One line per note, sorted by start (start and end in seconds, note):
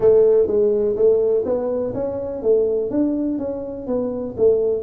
0.00 0.47 A3
0.47 0.95 G#3
0.95 1.44 A3
1.45 1.94 B3
1.94 2.42 C#4
2.42 2.90 A3
2.90 3.38 D4
3.38 3.86 C#4
3.87 4.35 B3
4.37 4.82 A3